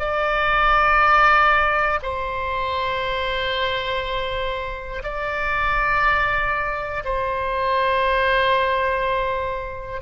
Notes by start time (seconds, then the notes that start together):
0.00 D5
2.03 C5
5.04 D5
7.05 C5